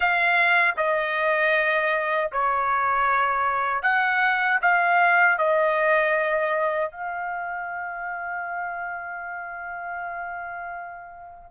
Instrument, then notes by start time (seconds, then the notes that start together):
trumpet
0.00 F5
0.77 D#5
2.31 C#5
3.82 F#5
4.62 F5
5.37 D#5
6.91 F5